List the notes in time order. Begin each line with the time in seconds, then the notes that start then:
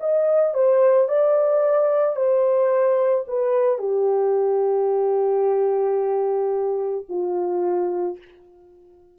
0.00 D#5
0.55 C5
1.09 D5
2.16 C5
3.28 B4
3.79 G4
7.09 F4